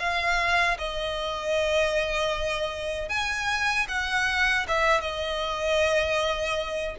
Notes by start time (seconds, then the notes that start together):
0.00 F5
0.79 D#5
3.09 G#5
3.89 F#5
4.68 E5
5.02 D#5